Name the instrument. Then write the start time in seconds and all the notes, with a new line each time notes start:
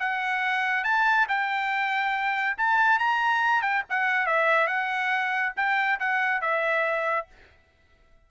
trumpet
0.00 F#5
0.84 A5
1.29 G5
2.58 A5
2.99 A#5
3.62 G5
3.90 F#5
4.27 E5
4.67 F#5
5.56 G5
6.00 F#5
6.41 E5